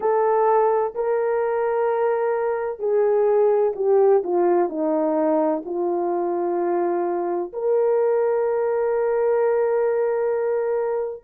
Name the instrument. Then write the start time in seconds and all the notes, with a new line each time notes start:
horn
0.00 A4
0.95 A#4
2.79 G#4
3.75 G4
4.23 F4
4.69 D#4
5.65 F4
7.53 A#4